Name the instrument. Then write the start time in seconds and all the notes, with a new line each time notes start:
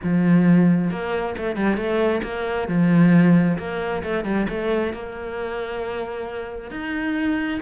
cello
0.03 F3
0.90 A#3
1.37 A3
1.55 G3
1.76 A3
2.23 A#3
2.68 F3
3.58 A#3
4.03 A3
4.24 G3
4.49 A3
4.93 A#3
6.70 D#4